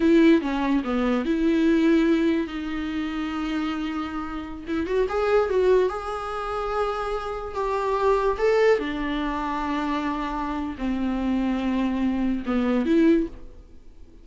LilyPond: \new Staff \with { instrumentName = "viola" } { \time 4/4 \tempo 4 = 145 e'4 cis'4 b4 e'4~ | e'2 dis'2~ | dis'2.~ dis'16 e'8 fis'16~ | fis'16 gis'4 fis'4 gis'4.~ gis'16~ |
gis'2~ gis'16 g'4.~ g'16~ | g'16 a'4 d'2~ d'8.~ | d'2 c'2~ | c'2 b4 e'4 | }